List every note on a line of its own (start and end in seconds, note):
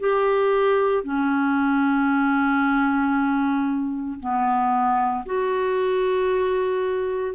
0.00 1.04 G4
1.04 4.20 C#4
4.20 5.25 B3
5.26 7.35 F#4